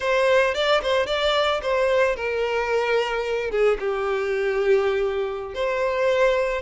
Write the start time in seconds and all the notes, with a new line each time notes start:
0.00 C5
0.54 D5
0.82 C5
1.06 D5
1.62 C5
2.15 A#4
3.50 G#4
3.79 G4
5.54 C5